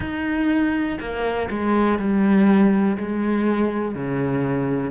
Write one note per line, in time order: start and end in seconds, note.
0.00 0.98 D#4
1.00 1.49 A#3
1.50 1.99 G#3
1.99 2.97 G3
2.97 3.94 G#3
3.94 4.90 C#3